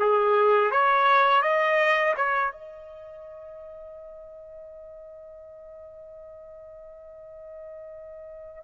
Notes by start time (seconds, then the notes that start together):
0.00 G#4
0.72 C#5
1.42 D#5
2.17 C#5
2.52 D#5